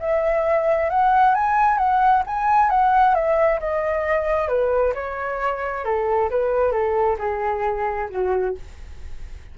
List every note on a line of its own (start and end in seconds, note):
0.00 0.90 E5
0.90 1.35 F#5
1.35 1.78 G#5
1.78 2.23 F#5
2.27 2.70 G#5
2.70 3.15 F#5
3.15 3.60 E5
3.60 4.49 D#5
4.49 4.94 B4
4.95 5.85 C#5
5.85 6.30 A4
6.31 6.72 B4
6.72 7.17 A4
7.19 8.09 G#4
8.10 8.55 F#4